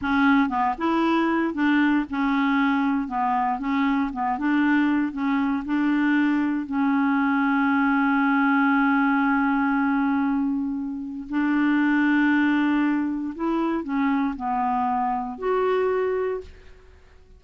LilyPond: \new Staff \with { instrumentName = "clarinet" } { \time 4/4 \tempo 4 = 117 cis'4 b8 e'4. d'4 | cis'2 b4 cis'4 | b8 d'4. cis'4 d'4~ | d'4 cis'2.~ |
cis'1~ | cis'2 d'2~ | d'2 e'4 cis'4 | b2 fis'2 | }